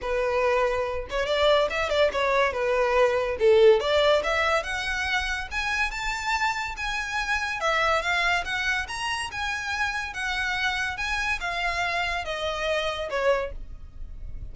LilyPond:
\new Staff \with { instrumentName = "violin" } { \time 4/4 \tempo 4 = 142 b'2~ b'8 cis''8 d''4 | e''8 d''8 cis''4 b'2 | a'4 d''4 e''4 fis''4~ | fis''4 gis''4 a''2 |
gis''2 e''4 f''4 | fis''4 ais''4 gis''2 | fis''2 gis''4 f''4~ | f''4 dis''2 cis''4 | }